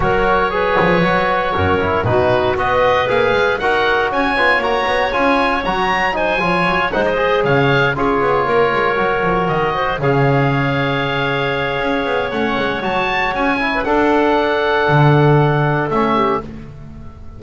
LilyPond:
<<
  \new Staff \with { instrumentName = "oboe" } { \time 4/4 \tempo 4 = 117 cis''1 | b'4 dis''4 f''4 fis''4 | gis''4 ais''4 gis''4 ais''4 | gis''4. fis''16 dis''8. f''4 cis''8~ |
cis''2~ cis''8 dis''4 f''8~ | f''1 | fis''4 a''4 gis''4 fis''4~ | fis''2. e''4 | }
  \new Staff \with { instrumentName = "clarinet" } { \time 4/4 ais'4 b'2 ais'4 | fis'4 b'2 ais'4 | cis''1 | c''8 cis''4 c''4 cis''4 gis'8~ |
gis'8 ais'2~ ais'8 c''8 cis''8~ | cis''1~ | cis''2~ cis''8. b'16 a'4~ | a'2.~ a'8 g'8 | }
  \new Staff \with { instrumentName = "trombone" } { \time 4/4 fis'4 gis'4 fis'4. e'8 | dis'4 fis'4 gis'4 fis'4~ | fis'8 f'8 fis'4 f'4 fis'4 | dis'8 f'4 dis'8 gis'4. f'8~ |
f'4. fis'2 gis'8~ | gis'1 | cis'4 fis'4. e'8 d'4~ | d'2. cis'4 | }
  \new Staff \with { instrumentName = "double bass" } { \time 4/4 fis4. f8 fis4 fis,4 | b,4 b4 ais8 gis8 dis'4 | cis'8 b8 ais8 b8 cis'4 fis4~ | fis8 f8 fis8 gis4 cis4 cis'8 |
b8 ais8 gis8 fis8 f8 dis4 cis8~ | cis2. cis'8 b8 | a8 gis8 fis4 cis'4 d'4~ | d'4 d2 a4 | }
>>